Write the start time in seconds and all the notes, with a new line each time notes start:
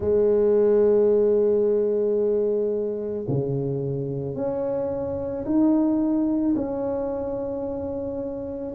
0.00 G#3
3.28 C#3
4.35 C#4
5.45 D#4
6.55 C#4